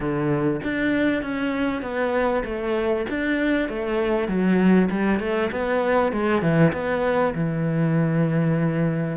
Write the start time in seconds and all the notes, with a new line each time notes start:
0.00 D3
0.63 D4
1.22 C#4
1.81 B3
2.44 A3
3.09 D4
3.68 A3
4.28 F#3
4.90 G3
5.19 A3
5.51 B3
6.12 G#3
6.41 E3
6.73 B3
7.34 E3